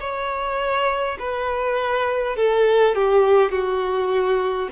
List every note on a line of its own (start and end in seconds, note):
0.00 1.18 C#5
1.19 2.36 B4
2.36 2.95 A4
2.95 3.51 G4
3.51 4.69 F#4